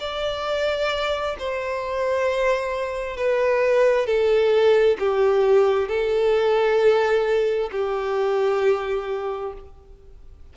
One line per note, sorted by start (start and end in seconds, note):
0.00 1.36 D5
1.39 3.17 C5
3.17 4.07 B4
4.07 4.98 A4
5.00 5.88 G4
5.88 7.70 A4
7.72 9.54 G4